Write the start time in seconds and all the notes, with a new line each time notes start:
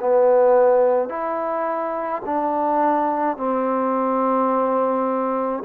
0.00 B3
1.09 E4
2.26 D4
3.37 C4